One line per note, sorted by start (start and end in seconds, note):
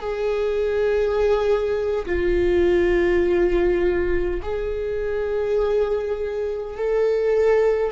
0.00 2.06 G#4
2.06 4.41 F4
4.43 6.78 G#4
6.78 7.92 A4